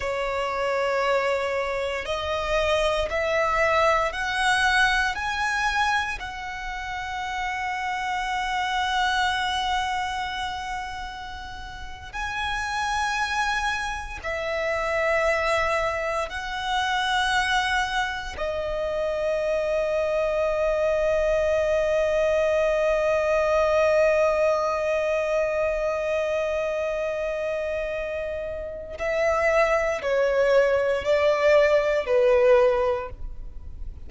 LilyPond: \new Staff \with { instrumentName = "violin" } { \time 4/4 \tempo 4 = 58 cis''2 dis''4 e''4 | fis''4 gis''4 fis''2~ | fis''2.~ fis''8. gis''16~ | gis''4.~ gis''16 e''2 fis''16~ |
fis''4.~ fis''16 dis''2~ dis''16~ | dis''1~ | dis''1 | e''4 cis''4 d''4 b'4 | }